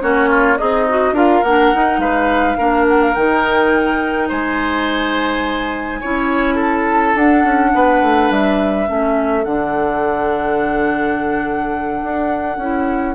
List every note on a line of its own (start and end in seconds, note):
0.00 0.59 A#3
0.00 0.57 C#4
0.00 0.29 F#4
0.00 0.57 C#5
0.29 0.57 F4
0.57 1.12 C4
0.57 1.14 D#4
0.57 0.86 G#4
0.57 1.15 D#5
0.89 1.14 F#4
1.12 1.40 D4
1.12 1.43 F4
1.12 2.00 A#4
1.12 1.43 F5
1.43 1.72 A#3
1.43 1.74 D4
1.43 1.99 F#5
1.74 2.58 D#4
1.74 1.98 D#4
1.98 2.55 G#3
1.98 2.57 B4
1.98 2.85 F5
2.58 3.16 A#3
2.58 3.15 D4
2.58 4.28 A#4
2.88 3.02 F#5
3.02 3.14 F5
3.14 4.30 D#3
3.14 6.02 D#4
3.14 4.28 G5
4.28 6.02 G#3
4.28 6.00 C5
4.28 6.59 G#5
6.00 7.15 C#4
6.00 7.17 E4
6.00 6.55 C#5
6.55 7.69 A4
6.55 7.17 A5
7.15 7.43 D4
7.15 8.86 D4
7.15 8.31 F#5
7.43 7.72 C#4
7.74 8.01 B3
7.74 8.89 B4
8.01 8.30 A3
8.30 8.87 G3
8.30 9.44 E5
8.86 9.45 A3
8.86 9.43 C#4
8.86 13.14 A4
9.44 12.02 D3
9.44 12.61 D4
9.44 13.14 F#5
12.03 12.57 D4
12.57 13.14 C#4
12.57 13.14 E4